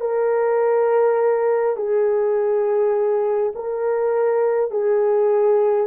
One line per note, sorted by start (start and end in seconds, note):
0.00 1.76 A#4
1.76 3.53 G#4
3.55 4.71 A#4
4.71 5.87 G#4